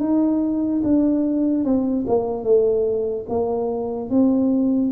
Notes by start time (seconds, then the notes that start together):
0.00 D#4
0.84 D4
1.64 C4
2.07 A#3
2.44 A3
3.29 A#3
4.10 C4